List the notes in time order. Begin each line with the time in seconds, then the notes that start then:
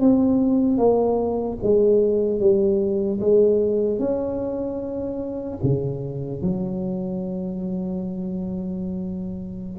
0.00 C4
0.78 A#3
1.63 G#3
2.40 G3
3.20 G#3
3.99 C#4
5.63 C#3
6.42 F#3